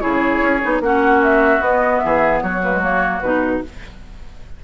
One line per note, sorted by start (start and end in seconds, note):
0.00 0.41 C#3
0.00 0.60 E4
0.00 0.82 G#4
0.00 0.80 C#5
0.41 0.61 C#4
0.61 0.81 B3
0.61 0.81 D#4
0.81 1.60 A#3
0.81 1.61 C#4
0.81 2.04 F#4
0.81 1.22 F#5
1.23 1.63 E5
1.60 2.00 B3
1.60 2.61 B3
1.60 1.99 D#5
1.99 2.42 E3
1.99 2.43 G#4
1.99 2.39 E5
2.41 3.22 F#3
2.41 3.63 F#4
2.41 2.61 C#5
2.62 2.72 A#3
2.62 2.82 B4
2.72 2.82 G#3
2.82 3.22 A#3
2.82 3.20 C#5
3.20 3.63 B2
3.20 3.64 D#4
3.20 3.60 B4